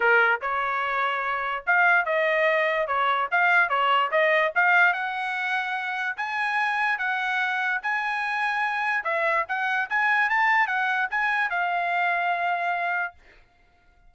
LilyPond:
\new Staff \with { instrumentName = "trumpet" } { \time 4/4 \tempo 4 = 146 ais'4 cis''2. | f''4 dis''2 cis''4 | f''4 cis''4 dis''4 f''4 | fis''2. gis''4~ |
gis''4 fis''2 gis''4~ | gis''2 e''4 fis''4 | gis''4 a''4 fis''4 gis''4 | f''1 | }